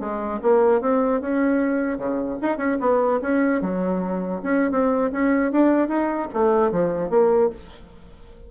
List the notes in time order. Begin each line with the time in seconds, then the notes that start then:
0.00 G#3
0.42 A#3
0.81 C4
1.21 C#4
1.98 C#3
2.42 D#4
2.57 C#4
2.80 B3
3.21 C#4
3.61 F#3
4.43 C#4
4.71 C4
5.12 C#4
5.52 D4
5.88 D#4
6.33 A3
6.71 F3
7.10 A#3